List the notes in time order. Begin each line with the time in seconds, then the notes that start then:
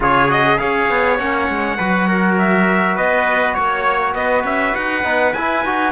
0.00 C#3 F4 G#4 C#5
0.28 F#4 D#5
0.57 C#4 G#4 C#5 F5
0.89 B3
1.18 A#3 C#4 F#5
1.48 G#3
1.77 F#3 F#4 B4
2.08 A#4
2.38 E5
2.95 B3 B4 D#5
3.54 A#3 C#5
4.14 B3 B4 D#5
4.44 C#4 E5
4.74 D#4 F#5
5.04 B3 D#4
5.33 E4 G#5
5.64 D#4 F#4